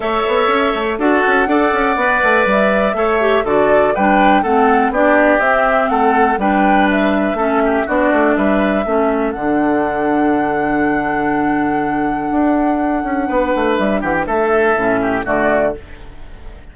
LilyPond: <<
  \new Staff \with { instrumentName = "flute" } { \time 4/4 \tempo 4 = 122 e''2 fis''2~ | fis''4 e''2 d''4 | g''4 fis''4 d''4 e''4 | fis''4 g''4 e''2 |
d''4 e''2 fis''4~ | fis''1~ | fis''1 | e''8 fis''16 g''16 e''2 d''4 | }
  \new Staff \with { instrumentName = "oboe" } { \time 4/4 cis''2 a'4 d''4~ | d''2 cis''4 a'4 | b'4 a'4 g'2 | a'4 b'2 a'8 g'8 |
fis'4 b'4 a'2~ | a'1~ | a'2. b'4~ | b'8 g'8 a'4. g'8 fis'4 | }
  \new Staff \with { instrumentName = "clarinet" } { \time 4/4 a'2 fis'4 a'4 | b'2 a'8 g'8 fis'4 | d'4 c'4 d'4 c'4~ | c'4 d'2 cis'4 |
d'2 cis'4 d'4~ | d'1~ | d'1~ | d'2 cis'4 a4 | }
  \new Staff \with { instrumentName = "bassoon" } { \time 4/4 a8 b8 cis'8 a8 d'8 cis'8 d'8 cis'8 | b8 a8 g4 a4 d4 | g4 a4 b4 c'4 | a4 g2 a4 |
b8 a8 g4 a4 d4~ | d1~ | d4 d'4. cis'8 b8 a8 | g8 e8 a4 a,4 d4 | }
>>